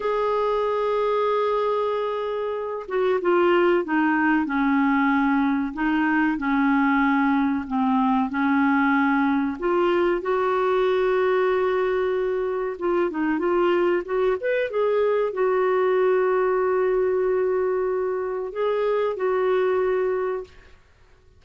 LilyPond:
\new Staff \with { instrumentName = "clarinet" } { \time 4/4 \tempo 4 = 94 gis'1~ | gis'8 fis'8 f'4 dis'4 cis'4~ | cis'4 dis'4 cis'2 | c'4 cis'2 f'4 |
fis'1 | f'8 dis'8 f'4 fis'8 b'8 gis'4 | fis'1~ | fis'4 gis'4 fis'2 | }